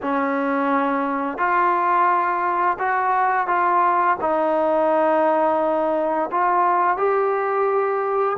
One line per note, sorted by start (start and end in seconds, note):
0.02 1.38 C#4
1.38 2.77 F4
2.78 3.47 F#4
3.47 4.17 F4
4.21 6.30 D#4
6.31 6.97 F4
6.97 8.37 G4